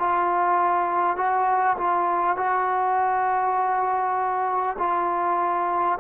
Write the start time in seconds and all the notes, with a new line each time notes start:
0.00 F4
1.17 F#4
1.78 F4
2.37 F#4
4.79 F4